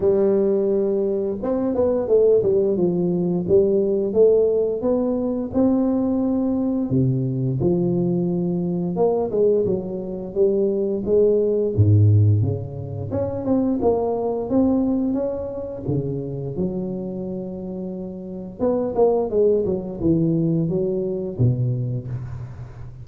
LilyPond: \new Staff \with { instrumentName = "tuba" } { \time 4/4 \tempo 4 = 87 g2 c'8 b8 a8 g8 | f4 g4 a4 b4 | c'2 c4 f4~ | f4 ais8 gis8 fis4 g4 |
gis4 gis,4 cis4 cis'8 c'8 | ais4 c'4 cis'4 cis4 | fis2. b8 ais8 | gis8 fis8 e4 fis4 b,4 | }